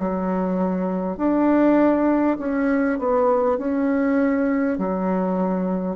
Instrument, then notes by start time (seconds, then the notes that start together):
bassoon
0.00 F#3
1.18 D4
2.39 C#4
2.99 B3
3.58 C#4
4.78 F#3